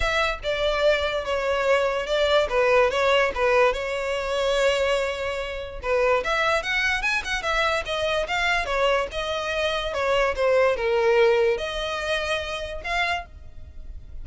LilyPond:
\new Staff \with { instrumentName = "violin" } { \time 4/4 \tempo 4 = 145 e''4 d''2 cis''4~ | cis''4 d''4 b'4 cis''4 | b'4 cis''2.~ | cis''2 b'4 e''4 |
fis''4 gis''8 fis''8 e''4 dis''4 | f''4 cis''4 dis''2 | cis''4 c''4 ais'2 | dis''2. f''4 | }